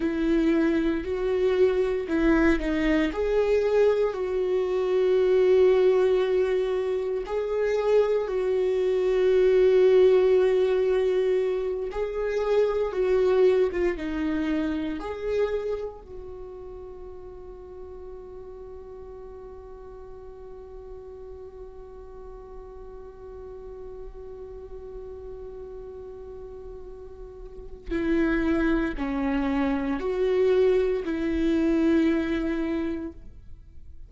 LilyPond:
\new Staff \with { instrumentName = "viola" } { \time 4/4 \tempo 4 = 58 e'4 fis'4 e'8 dis'8 gis'4 | fis'2. gis'4 | fis'2.~ fis'8 gis'8~ | gis'8 fis'8. f'16 dis'4 gis'4 fis'8~ |
fis'1~ | fis'1~ | fis'2. e'4 | cis'4 fis'4 e'2 | }